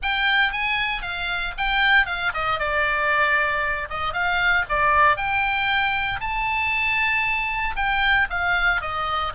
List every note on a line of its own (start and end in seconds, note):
0.02 0.51 G5
0.51 1.02 G#5
1.02 1.53 F5
1.57 2.06 G5
2.06 2.32 F5
2.34 2.59 D#5
2.59 3.88 D5
3.89 4.13 D#5
4.13 4.64 F5
4.69 5.16 D5
5.16 6.20 G5
6.20 7.75 A5
7.76 8.27 G5
8.30 8.81 F5
8.81 9.32 D#5